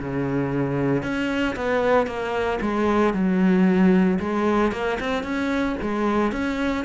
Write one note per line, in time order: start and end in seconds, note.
0.00 1.03 C#3
1.03 1.56 C#4
1.56 2.07 B3
2.07 2.59 A#3
2.61 3.13 G#3
3.13 4.19 F#3
4.20 4.72 G#3
4.72 4.98 A#3
5.00 5.23 C4
5.23 5.76 C#4
5.82 6.32 G#3
6.32 6.85 C#4